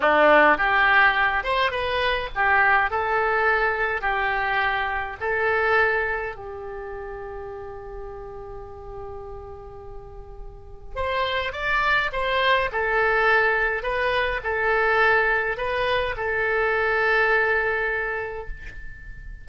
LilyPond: \new Staff \with { instrumentName = "oboe" } { \time 4/4 \tempo 4 = 104 d'4 g'4. c''8 b'4 | g'4 a'2 g'4~ | g'4 a'2 g'4~ | g'1~ |
g'2. c''4 | d''4 c''4 a'2 | b'4 a'2 b'4 | a'1 | }